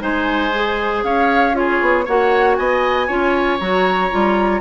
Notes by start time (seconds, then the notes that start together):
0.00 G#3 D#4 C5 G#5
0.55 G#4
1.04 C#4 C#5 F5
1.53 F4 G#4 C#5
1.82 B3
2.05 A#3 F#4 C#5 F#5
2.56 B3 D#5 G#5
3.08 C#4 F4 C#5
3.60 F#3 F#4 A#5
4.11 G3 F4